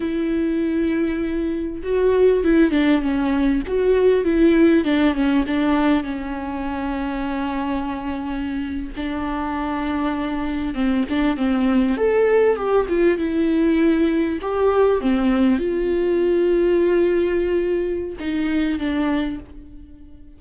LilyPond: \new Staff \with { instrumentName = "viola" } { \time 4/4 \tempo 4 = 99 e'2. fis'4 | e'8 d'8 cis'4 fis'4 e'4 | d'8 cis'8 d'4 cis'2~ | cis'2~ cis'8. d'4~ d'16~ |
d'4.~ d'16 c'8 d'8 c'4 a'16~ | a'8. g'8 f'8 e'2 g'16~ | g'8. c'4 f'2~ f'16~ | f'2 dis'4 d'4 | }